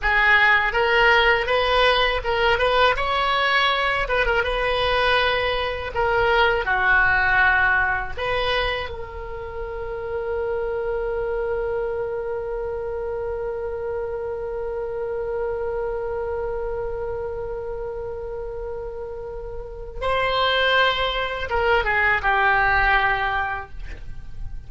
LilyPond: \new Staff \with { instrumentName = "oboe" } { \time 4/4 \tempo 4 = 81 gis'4 ais'4 b'4 ais'8 b'8 | cis''4. b'16 ais'16 b'2 | ais'4 fis'2 b'4 | ais'1~ |
ais'1~ | ais'1~ | ais'2. c''4~ | c''4 ais'8 gis'8 g'2 | }